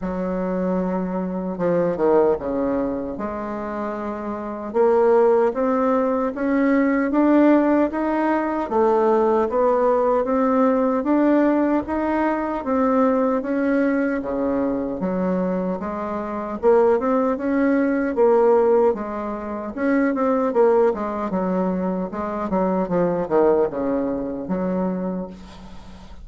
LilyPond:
\new Staff \with { instrumentName = "bassoon" } { \time 4/4 \tempo 4 = 76 fis2 f8 dis8 cis4 | gis2 ais4 c'4 | cis'4 d'4 dis'4 a4 | b4 c'4 d'4 dis'4 |
c'4 cis'4 cis4 fis4 | gis4 ais8 c'8 cis'4 ais4 | gis4 cis'8 c'8 ais8 gis8 fis4 | gis8 fis8 f8 dis8 cis4 fis4 | }